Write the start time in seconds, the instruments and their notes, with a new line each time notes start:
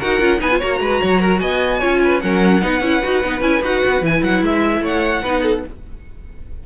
0.00 cello D#4, viola F#4, violin A#4 F#5
0.20 cello C#4, viola F4
0.40 cello B3, viola D#4, violin B4 G#5
0.52 viola F4
0.59 cello A#3, viola F#4, violin C#5 A#5
0.81 cello G#3, violin B4
1.02 cello F#3, violin C#5
1.20 violin A#4
1.40 cello B3, violin D#5 G#5
1.80 cello C#4, viola F4, violin C#5
2.05 violin B4
2.21 cello F#3, viola C#4, violin A#4 F#5
2.62 cello B3, viola D#4, violin B4
2.81 cello C#4, viola E4
3.03 cello D#4, viola F#4
3.23 cello B3, viola D#4
3.42 cello C#4, viola E4, violin G#5
3.62 cello D#4, viola F#4, violin F#5
3.86 cello B3
4.02 cello E3, viola E4, violin G#5
4.23 cello F#3, violin F#5
4.43 cello G#3, violin E5
4.81 cello A3, violin C#5 F#5
5.23 cello B3, viola D#4, violin B4
5.43 violin A4